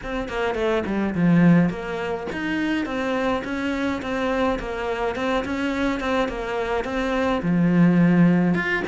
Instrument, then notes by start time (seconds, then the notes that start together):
cello
0.03 C4
0.28 A#3
0.55 A3
0.86 G3
1.15 F3
1.69 A#3
2.32 D#4
2.85 C4
3.44 C#4
4.02 C4
4.59 A#3
5.15 C4
5.44 C#4
6.00 C4
6.28 A#3
6.84 C4
7.42 F3
8.54 F4